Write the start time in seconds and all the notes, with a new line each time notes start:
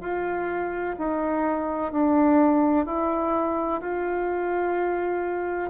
0.00 F4
0.98 D#4
1.91 D4
2.85 E4
3.81 F4